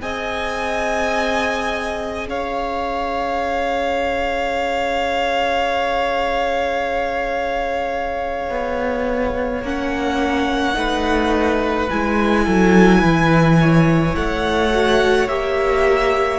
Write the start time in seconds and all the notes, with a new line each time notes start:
0.00 C4 G#4 D#5 G#5
2.26 C#4 C#5 F5
8.50 B3
9.63 A#3 C#4 F#5
10.74 A3 D#4 B4
11.90 G#3 E4 G#5
12.45 F#3 A4
12.99 E3 B4
13.61 C#5
14.16 A3 F#5
14.72 F#4
15.29 A#3 G4 E5